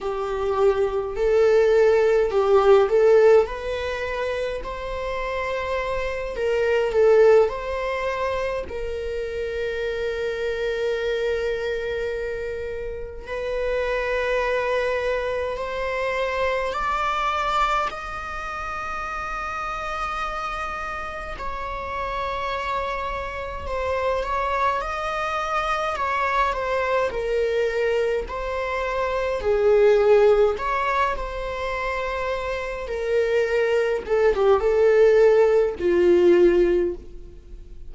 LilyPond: \new Staff \with { instrumentName = "viola" } { \time 4/4 \tempo 4 = 52 g'4 a'4 g'8 a'8 b'4 | c''4. ais'8 a'8 c''4 ais'8~ | ais'2.~ ais'8 b'8~ | b'4. c''4 d''4 dis''8~ |
dis''2~ dis''8 cis''4.~ | cis''8 c''8 cis''8 dis''4 cis''8 c''8 ais'8~ | ais'8 c''4 gis'4 cis''8 c''4~ | c''8 ais'4 a'16 g'16 a'4 f'4 | }